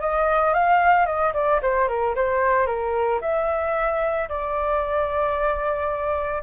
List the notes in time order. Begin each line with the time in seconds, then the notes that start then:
0.00 D#5
0.53 F5
1.06 D#5
1.33 D5
1.61 C5
1.88 A#4
2.15 C5
2.66 A#4
3.21 E5
4.28 D5